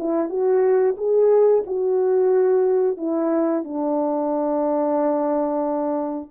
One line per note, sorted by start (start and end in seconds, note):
0.00 0.30 E4
0.30 0.96 F#4
0.98 1.65 G#4
1.67 2.98 F#4
2.98 3.64 E4
3.64 6.31 D4